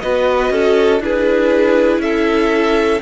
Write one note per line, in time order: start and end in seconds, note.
0.00 0.50 B3
0.00 1.01 F#4
0.00 0.52 B4
0.00 1.00 D#5
0.50 1.00 C#4
0.50 1.02 A4
1.00 1.98 D4
1.00 3.01 E4
1.00 2.02 G#4
1.00 2.01 B4
1.98 2.98 C#4
1.98 3.02 A4
1.98 3.01 E5